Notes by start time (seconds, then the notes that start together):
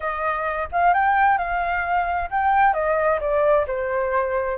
0.00 D#5
0.72 F5
0.93 G5
1.37 F5
2.30 G5
2.73 D#5
3.20 D5
3.67 C5